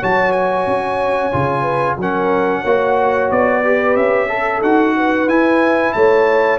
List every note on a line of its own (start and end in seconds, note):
0.00 0.67 F#3
0.00 1.32 F#4
0.00 1.62 C#5
0.00 0.32 A5
0.32 1.97 G#5
0.67 1.33 C#4
1.32 1.97 C#3
1.32 1.98 F4
1.62 1.95 B4
1.97 2.63 F#3
1.97 2.66 C#4
1.97 2.61 A#4
1.97 3.31 F#5
2.61 3.31 A#3
2.61 3.64 F#4
2.61 3.60 C#5
3.31 3.96 B3
3.31 3.96 D5
3.64 4.29 G4
3.64 4.28 B4
3.96 4.62 C#4
3.96 4.62 E5
4.28 4.94 A4
4.28 4.62 A4
4.62 5.28 D#4
4.62 5.28 F#4
4.62 5.29 F#5
4.97 5.95 B4
5.28 5.94 E4
5.28 6.59 E4
5.28 5.93 G#5
5.93 6.59 A3
5.93 6.59 C#5
5.93 6.59 A5